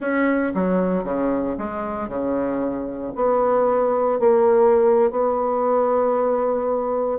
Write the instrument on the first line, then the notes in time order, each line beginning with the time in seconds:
bassoon
0.00 C#4
0.54 F#3
1.04 C#3
1.57 G#3
2.08 C#3
3.15 B3
4.19 A#3
5.10 B3